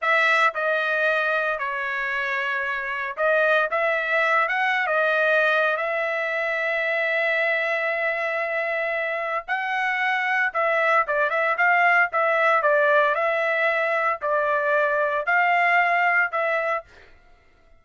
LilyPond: \new Staff \with { instrumentName = "trumpet" } { \time 4/4 \tempo 4 = 114 e''4 dis''2 cis''4~ | cis''2 dis''4 e''4~ | e''8 fis''8. dis''4.~ dis''16 e''4~ | e''1~ |
e''2 fis''2 | e''4 d''8 e''8 f''4 e''4 | d''4 e''2 d''4~ | d''4 f''2 e''4 | }